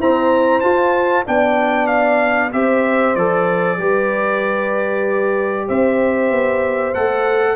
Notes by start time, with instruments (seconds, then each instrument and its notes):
0.00 trombone C4, tuba E4, horn C5, trumpet A#5
0.61 trombone F4, tuba F4, trumpet A5
1.26 tuba B3, trombone D4, horn D5, trumpet G5
1.87 trumpet F5
2.53 tuba C4, trombone G4, horn C5, trumpet E5
3.16 tuba F3, trombone A4, trumpet D5
3.79 tuba G3, trombone G4, horn B4
5.68 tuba C4, horn C5, trumpet E5
6.31 tuba B3
6.95 tuba A3, trombone A4, trumpet F#5